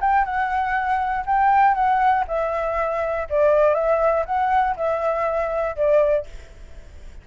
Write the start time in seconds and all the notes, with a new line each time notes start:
0.00 G5
0.25 F#5
1.26 G5
1.74 F#5
2.27 E5
3.29 D5
3.74 E5
4.25 F#5
4.76 E5
5.76 D5